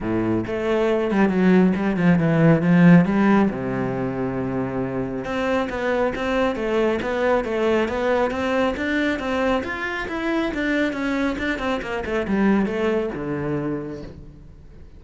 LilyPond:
\new Staff \with { instrumentName = "cello" } { \time 4/4 \tempo 4 = 137 a,4 a4. g8 fis4 | g8 f8 e4 f4 g4 | c1 | c'4 b4 c'4 a4 |
b4 a4 b4 c'4 | d'4 c'4 f'4 e'4 | d'4 cis'4 d'8 c'8 ais8 a8 | g4 a4 d2 | }